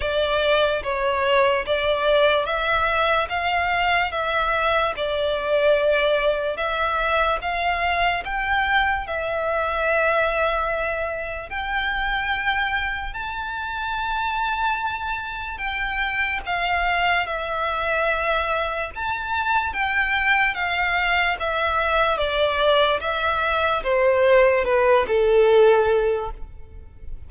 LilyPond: \new Staff \with { instrumentName = "violin" } { \time 4/4 \tempo 4 = 73 d''4 cis''4 d''4 e''4 | f''4 e''4 d''2 | e''4 f''4 g''4 e''4~ | e''2 g''2 |
a''2. g''4 | f''4 e''2 a''4 | g''4 f''4 e''4 d''4 | e''4 c''4 b'8 a'4. | }